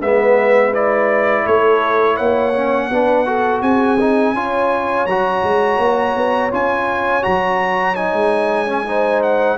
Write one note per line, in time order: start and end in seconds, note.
0.00 1.45 G#3
0.00 0.73 B3
0.00 1.45 B4
0.00 0.74 E5
0.73 2.54 E4
0.73 1.47 D5
1.46 2.19 A3
1.46 2.16 A4
1.46 2.17 C#5
2.16 2.90 A#3
2.16 2.88 C#5
2.16 3.61 F#5
2.55 2.91 C#4
2.90 3.62 B3
2.90 3.26 D4
2.90 3.27 B4
3.26 3.98 F#4
3.26 3.63 A4
3.62 4.34 C4
3.62 4.34 G#4
3.62 5.06 G#5
4.00 4.36 D#4
4.34 5.06 C#4
4.34 5.08 F4
4.34 8.86 C#5
5.06 5.43 F#3
5.06 6.51 F#4
5.06 6.51 A#5
5.43 5.78 G#3
5.78 6.14 A#3
6.16 6.52 B3
6.51 7.25 C#4
6.51 7.22 F4
6.51 7.23 G#5
7.22 8.13 F#3
7.22 7.95 F#4
7.22 7.95 A#5
7.95 8.67 D#4
7.95 9.22 G#5
8.13 9.58 G#3
8.67 8.85 C#4
8.86 9.58 D#4
8.86 9.58 C5
9.23 9.58 F#5